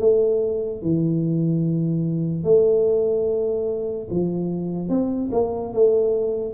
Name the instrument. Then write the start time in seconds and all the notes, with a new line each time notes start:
tuba
0.00 A3
0.82 E3
2.44 A3
4.11 F3
4.89 C4
5.32 A#3
5.73 A3